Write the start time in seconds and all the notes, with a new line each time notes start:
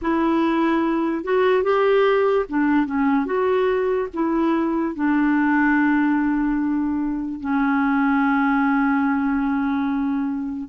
0.01 E4
1.23 F#4
1.63 G4
2.48 D4
2.85 C#4
3.25 F#4
4.13 E4
4.95 D4
7.40 C#4